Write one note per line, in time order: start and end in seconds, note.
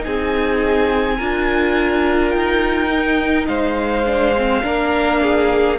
0.00 1.15 D#4
0.00 2.30 G#5
0.06 1.20 C4
0.06 1.17 G#4
1.17 2.34 D4
1.17 2.89 F4
1.17 3.48 A#4
2.30 3.48 D#4
2.30 3.45 G5
2.89 4.05 D#4
3.47 4.63 G#3
3.47 4.63 C5
3.47 5.78 F5
4.06 4.35 D4
4.37 4.63 C4
4.63 5.79 A#3
4.63 5.78 D4
4.63 5.21 A#4
5.21 5.79 G#4